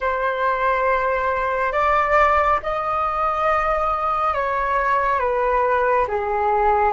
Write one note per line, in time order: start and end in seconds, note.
0.00 1.72 C5
1.72 2.59 D5
2.62 4.34 D#5
4.34 5.19 C#5
5.19 6.06 B4
6.08 6.92 G#4